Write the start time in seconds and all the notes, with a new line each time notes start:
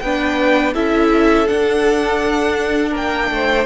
0.00 B3 D4 B4 G5
0.74 C#4 E4 A4 E5
1.47 D4 F#5
2.90 A#3 A#4
2.96 G5
3.31 A3 C5